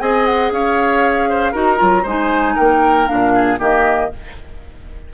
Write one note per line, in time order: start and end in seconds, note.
0.00 0.51 C4
0.00 1.54 G#4
0.00 0.53 D#5
0.00 0.25 G#5
0.25 0.51 F#5
0.51 1.54 C#4
0.51 1.29 C#5
0.51 1.55 F5
1.29 1.52 C5
1.52 1.80 D#4
1.52 1.77 F#4
1.52 2.03 A#4
1.52 2.07 A#5
1.77 2.05 F#3
1.77 2.02 F4
2.03 2.56 G#3
2.03 3.07 D#4
2.03 2.54 C5
2.03 2.57 G#5
2.55 3.11 A#3
2.55 3.32 A#4
2.55 3.08 G5
3.07 3.59 A#2
3.07 3.58 D4
3.07 3.59 F5
3.35 3.59 G#4
3.59 4.10 D#3
3.59 4.10 A#3
3.59 4.10 G4
3.59 4.13 D#5